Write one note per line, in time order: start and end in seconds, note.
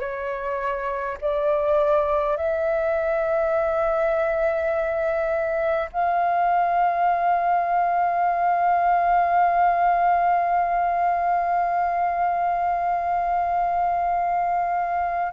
0.00 1.18 C#5
1.21 2.37 D5
2.37 5.90 E5
5.93 15.33 F5